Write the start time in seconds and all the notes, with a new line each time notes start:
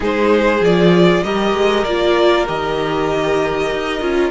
0.00 G#3 D#4 G#4 C5
0.60 F3 D5
0.66 F4
1.23 G3 G4 A#4 D#5
1.53 G#3
1.84 A#3 F4 D5
2.46 D#3 G4 D#5
3.72 D#4
4.00 C#4 F4